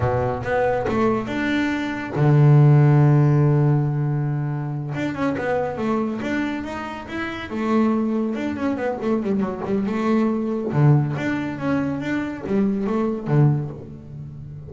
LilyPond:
\new Staff \with { instrumentName = "double bass" } { \time 4/4 \tempo 4 = 140 b,4 b4 a4 d'4~ | d'4 d2.~ | d2.~ d8 d'8 | cis'8 b4 a4 d'4 dis'8~ |
dis'8 e'4 a2 d'8 | cis'8 b8 a8 g8 fis8 g8 a4~ | a4 d4 d'4 cis'4 | d'4 g4 a4 d4 | }